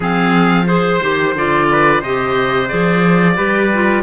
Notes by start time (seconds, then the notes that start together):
0.00 F3 C4 G#4 F5
0.66 G#4 C5
1.01 D#3 G4
1.34 D3 F4 D5
1.71 B4
2.00 C3 G4 C5 D#5
2.68 F3 G#4 D5
3.36 G3 G4 B4
3.73 F4